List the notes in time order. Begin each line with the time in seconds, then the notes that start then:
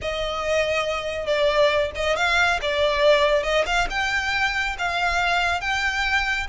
0.01 D#5
1.26 D5
1.95 D#5
2.16 F5
2.61 D5
3.43 D#5
3.66 F5
3.90 G5
4.78 F5
5.61 G5